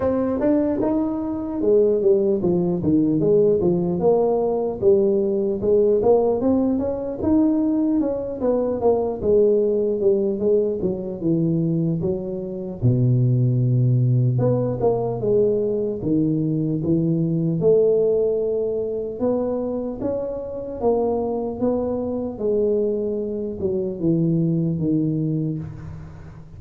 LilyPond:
\new Staff \with { instrumentName = "tuba" } { \time 4/4 \tempo 4 = 75 c'8 d'8 dis'4 gis8 g8 f8 dis8 | gis8 f8 ais4 g4 gis8 ais8 | c'8 cis'8 dis'4 cis'8 b8 ais8 gis8~ | gis8 g8 gis8 fis8 e4 fis4 |
b,2 b8 ais8 gis4 | dis4 e4 a2 | b4 cis'4 ais4 b4 | gis4. fis8 e4 dis4 | }